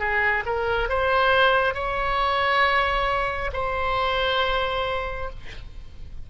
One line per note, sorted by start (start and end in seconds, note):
0.00 0.44 G#4
0.47 0.89 A#4
0.89 1.75 C5
1.75 3.51 C#5
3.54 5.30 C5